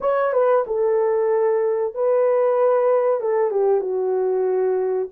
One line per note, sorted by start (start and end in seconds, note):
0.00 0.32 C#5
0.32 0.64 B4
0.66 1.94 A4
1.94 3.20 B4
3.20 3.50 A4
3.50 3.80 G4
3.80 5.08 F#4